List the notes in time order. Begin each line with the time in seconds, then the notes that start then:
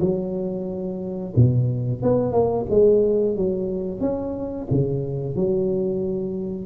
0.00 F#3
1.36 B2
2.02 B3
2.32 A#3
2.70 G#3
3.36 F#3
4.00 C#4
4.71 C#3
5.35 F#3